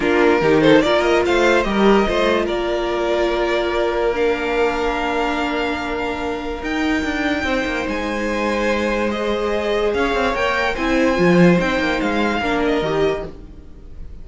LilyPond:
<<
  \new Staff \with { instrumentName = "violin" } { \time 4/4 \tempo 4 = 145 ais'4. c''8 d''8 dis''8 f''4 | dis''2 d''2~ | d''2 f''2~ | f''1 |
g''2. gis''4~ | gis''2 dis''2 | f''4 g''4 gis''2 | g''4 f''4. dis''4. | }
  \new Staff \with { instrumentName = "violin" } { \time 4/4 f'4 g'8 a'8 ais'4 c''4 | ais'4 c''4 ais'2~ | ais'1~ | ais'1~ |
ais'2 c''2~ | c''1 | cis''2 c''2~ | c''2 ais'2 | }
  \new Staff \with { instrumentName = "viola" } { \time 4/4 d'4 dis'4 f'2 | g'4 f'2.~ | f'2 d'2~ | d'1 |
dis'1~ | dis'2 gis'2~ | gis'4 ais'4 e'4 f'4 | dis'2 d'4 g'4 | }
  \new Staff \with { instrumentName = "cello" } { \time 4/4 ais4 dis4 ais4 a4 | g4 a4 ais2~ | ais1~ | ais1 |
dis'4 d'4 c'8 ais8 gis4~ | gis1 | cis'8 c'8 ais4 c'4 f4 | c'8 ais8 gis4 ais4 dis4 | }
>>